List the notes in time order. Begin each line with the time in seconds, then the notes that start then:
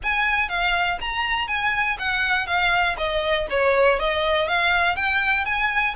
0.03 G#5
0.48 F5
1.00 A#5
1.47 G#5
1.98 F#5
2.46 F5
2.97 D#5
3.50 C#5
3.99 D#5
4.48 F5
4.96 G5
5.45 G#5